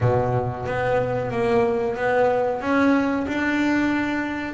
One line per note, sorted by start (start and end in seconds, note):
0.00 0.66 B2
0.66 1.31 B3
1.31 1.96 A#3
1.96 2.61 B3
2.61 3.26 C#4
3.27 4.53 D4